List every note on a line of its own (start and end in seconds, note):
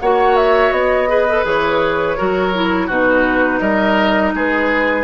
0.00 0.71 A#3
0.00 1.08 F#4
0.00 1.09 C#5
0.00 0.36 F#5
0.36 0.72 E5
0.71 1.43 B3
0.71 1.45 D#5
1.08 1.26 G#4
1.08 2.17 B4
1.29 1.44 A4
1.44 2.17 E3
1.44 2.16 G#4
1.44 2.90 C#5
2.17 2.89 F#3
2.17 2.53 F#4
2.17 2.87 A#4
2.54 2.89 E4
2.87 3.61 B2
2.87 5.04 D#4
2.87 3.59 F#4
2.87 3.60 B4
3.60 4.33 G3
3.60 4.33 A#4
3.60 4.32 D#5
4.34 5.04 G#3
4.34 5.04 G#4
4.34 5.04 B4